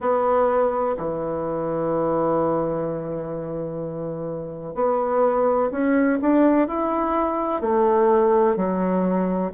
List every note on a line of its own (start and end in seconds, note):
0.00 0.96 B3
0.97 4.74 E3
4.74 5.70 B3
5.71 6.19 C#4
6.21 6.67 D4
6.67 7.61 E4
7.61 8.56 A3
8.56 9.52 F#3